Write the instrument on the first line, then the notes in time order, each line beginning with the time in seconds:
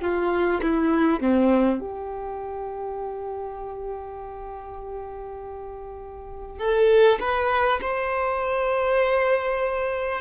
violin
0.00 F4
0.62 E4
1.20 C4
1.80 G4
6.58 A4
7.20 B4
7.81 C5